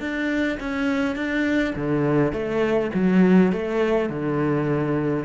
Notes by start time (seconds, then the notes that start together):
0.00 D4
0.60 C#4
1.16 D4
1.76 D3
2.32 A3
2.94 F#3
3.52 A3
4.09 D3